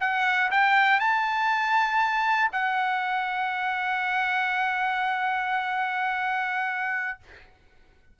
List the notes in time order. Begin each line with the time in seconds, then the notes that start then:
0.00 F#5
0.51 G5
0.99 A5
2.52 F#5